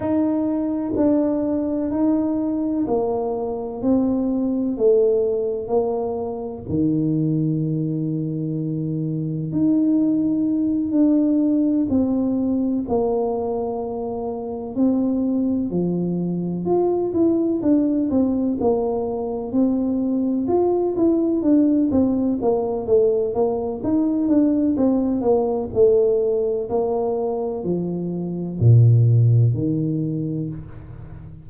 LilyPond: \new Staff \with { instrumentName = "tuba" } { \time 4/4 \tempo 4 = 63 dis'4 d'4 dis'4 ais4 | c'4 a4 ais4 dis4~ | dis2 dis'4. d'8~ | d'8 c'4 ais2 c'8~ |
c'8 f4 f'8 e'8 d'8 c'8 ais8~ | ais8 c'4 f'8 e'8 d'8 c'8 ais8 | a8 ais8 dis'8 d'8 c'8 ais8 a4 | ais4 f4 ais,4 dis4 | }